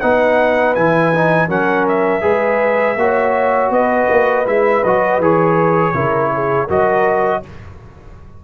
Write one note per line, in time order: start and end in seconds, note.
0.00 0.76 B3
0.00 0.76 D#4
0.00 1.48 B4
0.00 0.74 F#5
0.75 1.49 E3
0.75 1.13 E4
0.75 1.49 G#5
1.14 1.48 D#4
1.48 2.23 F#3
1.48 2.21 C#4
1.48 2.22 A#4
1.48 1.87 F#5
1.88 3.72 E5
2.21 2.96 G#3
2.21 2.95 G#4
2.21 2.96 B4
2.96 3.70 A#3
2.96 4.46 F#4
2.96 3.72 C#5
3.70 4.07 B3
3.70 5.94 B4
3.70 4.46 D#5
4.09 4.46 A#3
4.46 4.83 G#3
4.46 4.83 E4
4.46 4.84 E5
4.84 5.19 F#3
4.84 5.22 F#4
4.84 5.21 D#5
5.19 5.93 E3
5.19 5.94 G#4
5.19 6.70 C#5
5.94 6.68 C#3
5.94 6.68 E4
5.94 6.31 A#4
6.34 6.67 G#4
6.67 7.44 F#3
6.67 7.42 F#4
6.67 7.41 A#4
6.67 7.44 D#5